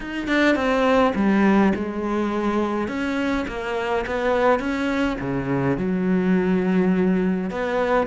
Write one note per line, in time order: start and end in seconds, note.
0.00 0.27 D#4
0.27 0.55 D4
0.55 1.13 C4
1.15 1.72 G3
1.75 2.88 G#3
2.88 3.45 C#4
3.47 4.05 A#3
4.06 4.59 B3
4.59 5.17 C#4
5.20 5.77 C#3
5.77 7.50 F#3
7.50 8.06 B3